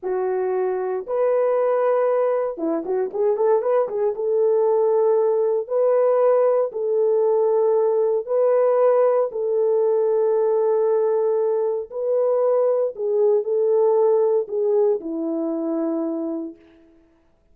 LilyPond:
\new Staff \with { instrumentName = "horn" } { \time 4/4 \tempo 4 = 116 fis'2 b'2~ | b'4 e'8 fis'8 gis'8 a'8 b'8 gis'8 | a'2. b'4~ | b'4 a'2. |
b'2 a'2~ | a'2. b'4~ | b'4 gis'4 a'2 | gis'4 e'2. | }